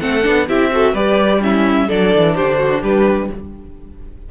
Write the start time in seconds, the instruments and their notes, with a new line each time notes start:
0.00 cello A3, viola C4, violin A4 F#5
0.23 cello B3, viola D4
0.48 cello C4, viola E4, violin G4 E5
0.71 viola F#4, violin A4
0.93 cello G3, viola G4, violin B4 D5
1.41 viola C#4, violin E4 E5
1.87 cello F#3, viola D4, violin A4 D5
2.16 cello E3
2.35 cello D3, violin G4 C5
2.59 violin F#4
2.82 cello G3, violin G4 B4